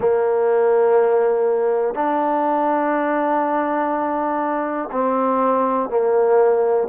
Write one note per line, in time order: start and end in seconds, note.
0.00 1.94 A#3
1.94 4.89 D4
4.91 5.89 C4
5.89 6.88 A#3